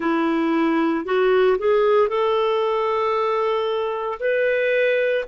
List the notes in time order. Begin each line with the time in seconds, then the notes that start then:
0.00 E4
1.05 F#4
1.58 G#4
2.08 A4
4.19 B4